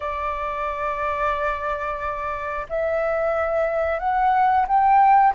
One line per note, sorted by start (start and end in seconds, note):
0.00 2.66 D5
2.69 3.99 E5
3.99 4.65 F#5
4.67 5.34 G5